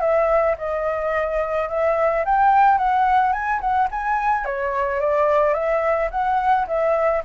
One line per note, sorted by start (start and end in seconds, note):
0.00 0.56 E5
0.58 1.69 D#5
1.69 2.24 E5
2.25 2.78 G5
2.78 3.32 F#5
3.32 3.60 G#5
3.60 3.88 F#5
3.91 4.45 G#5
4.45 5.00 C#5
5.00 5.54 D5
5.54 6.09 E5
6.11 6.66 F#5
6.67 7.23 E5